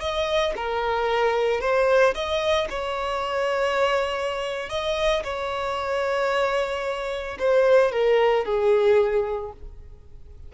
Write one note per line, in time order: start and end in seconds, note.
0.00 0.54 D#5
0.56 1.61 A#4
1.61 2.14 C5
2.14 2.68 D#5
2.70 4.69 C#5
4.69 5.23 D#5
5.24 7.38 C#5
7.39 7.92 C5
7.92 8.45 A#4
8.45 9.52 G#4